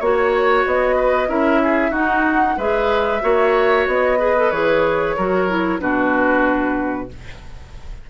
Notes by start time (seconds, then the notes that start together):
0.00 A#3 F#4 C#5
0.66 B3 D#5
0.96 B4
1.28 C#4 E4 A#4 E5
1.63 G#4
1.91 D#4 F#4 F#5
2.58 G#3 G#4 B4 E5
3.22 A#3 F#4 C#5
3.88 B3 D#5
4.19 G#4 B4
4.37 A4
4.51 E3 G#4 C#5
5.17 F#3 F#4 A#4
5.49 E4
5.80 B2 D4 F#4 B4